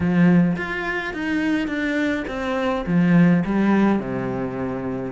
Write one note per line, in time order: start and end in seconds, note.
0.00 0.56 F3
0.56 1.13 F4
1.13 1.67 D#4
1.67 2.24 D4
2.27 2.84 C4
2.86 3.43 F3
3.45 3.99 G3
3.99 5.12 C3